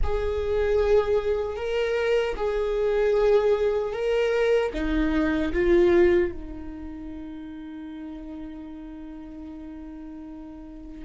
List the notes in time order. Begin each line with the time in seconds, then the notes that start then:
0.03 G#4
1.56 A#4
2.35 G#4
3.93 A#4
4.73 D#4
5.53 F4
6.31 D#4